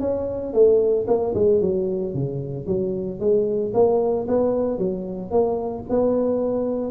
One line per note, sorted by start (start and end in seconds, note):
0.00 0.53 C#4
0.53 1.06 A3
1.07 1.33 A#3
1.34 1.61 G#3
1.61 2.14 F#3
2.14 2.66 C#3
2.66 3.19 F#3
3.19 3.72 G#3
3.74 4.27 A#3
4.27 4.78 B3
4.78 5.30 F#3
5.30 5.84 A#3
5.89 6.91 B3